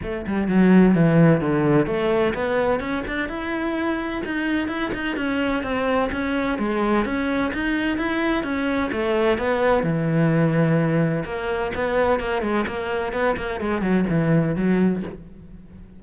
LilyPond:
\new Staff \with { instrumentName = "cello" } { \time 4/4 \tempo 4 = 128 a8 g8 fis4 e4 d4 | a4 b4 cis'8 d'8 e'4~ | e'4 dis'4 e'8 dis'8 cis'4 | c'4 cis'4 gis4 cis'4 |
dis'4 e'4 cis'4 a4 | b4 e2. | ais4 b4 ais8 gis8 ais4 | b8 ais8 gis8 fis8 e4 fis4 | }